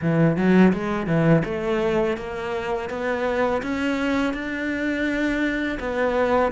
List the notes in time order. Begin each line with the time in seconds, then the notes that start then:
0.01 E3
0.36 F#3
0.73 G#3
1.06 E3
1.45 A3
2.17 A#3
2.89 B3
3.62 C#4
4.33 D4
5.79 B3